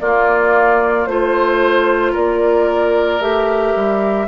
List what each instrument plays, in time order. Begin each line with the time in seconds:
0.00 bassoon A#3, clarinet A#3, oboe F4, flute D5
1.06 bassoon A3, clarinet F4, flute C5, oboe C5
2.12 bassoon A#3, oboe A#4, flute D5
3.20 bassoon A3, clarinet G4, flute E5
3.75 bassoon G3